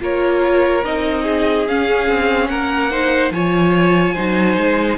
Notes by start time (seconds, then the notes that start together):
0.00 A#3 F4 A#4 C#5
0.84 C4 D#4 D#5
1.23 G#4
1.68 C#4 F5
2.09 C4
2.48 A#3 A#4 F#5
2.91 D#4 C5
3.31 F3 F4 C#5 G#5
4.14 F#3 D#4 C5
4.57 G#3